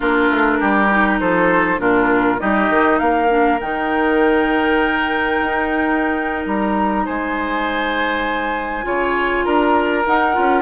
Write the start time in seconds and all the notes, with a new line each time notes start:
0.00 A#3 D4 F4 A#4
0.30 A3
0.59 G3 G4
0.91 D#4
1.19 F3 A4 C5
1.78 A#2 D4 F4 A#4
2.38 G3 D#4 G4 D#5
2.69 D#3
2.99 A#3 A#4 F5
3.28 D4
3.60 D#3 D#4 G5
5.40 D#4
6.46 G3 A#5
7.05 G#3 C5 G#5
8.83 C#3 F4 C#5
9.45 D4 A#4 A#5
10.06 D#4 F#5
10.33 C#4 F4